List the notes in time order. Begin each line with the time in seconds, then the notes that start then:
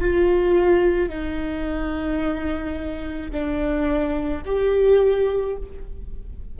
0.00 F4
1.09 D#4
3.31 D4
4.45 G4